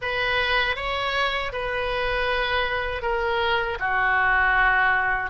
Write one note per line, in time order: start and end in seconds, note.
0.01 0.76 B4
0.76 1.52 C#5
1.52 3.02 B4
3.02 3.78 A#4
3.79 5.30 F#4